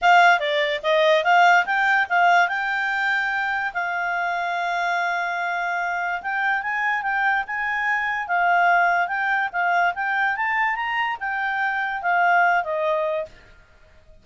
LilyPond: \new Staff \with { instrumentName = "clarinet" } { \time 4/4 \tempo 4 = 145 f''4 d''4 dis''4 f''4 | g''4 f''4 g''2~ | g''4 f''2.~ | f''2. g''4 |
gis''4 g''4 gis''2 | f''2 g''4 f''4 | g''4 a''4 ais''4 g''4~ | g''4 f''4. dis''4. | }